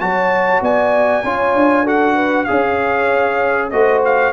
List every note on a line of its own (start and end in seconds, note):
0.00 0.61 F#3
0.00 1.24 F#4
0.00 0.63 C#5
0.00 0.62 A5
0.61 1.23 B3
0.61 1.24 D5
0.61 1.88 G#5
1.24 1.54 C#4
1.24 1.86 F4
1.24 1.84 C#5
1.54 2.47 D4
1.84 2.47 F#4
1.84 2.14 A4
1.84 2.44 F#5
2.15 2.46 B4
2.44 3.72 C#4
2.44 3.71 G#4
2.44 3.72 C#5
2.44 3.68 F5
3.70 4.32 A3
3.70 4.32 F#4
3.70 4.32 C5
3.70 4.01 D#5
4.05 4.32 F5